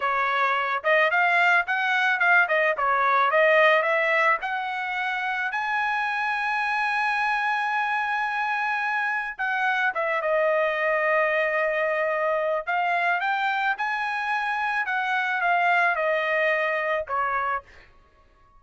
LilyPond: \new Staff \with { instrumentName = "trumpet" } { \time 4/4 \tempo 4 = 109 cis''4. dis''8 f''4 fis''4 | f''8 dis''8 cis''4 dis''4 e''4 | fis''2 gis''2~ | gis''1~ |
gis''4 fis''4 e''8 dis''4.~ | dis''2. f''4 | g''4 gis''2 fis''4 | f''4 dis''2 cis''4 | }